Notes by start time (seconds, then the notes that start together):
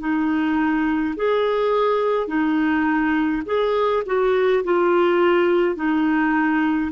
0.00 D#4
1.16 G#4
2.28 D#4
3.46 G#4
4.06 F#4
4.64 F4
5.76 D#4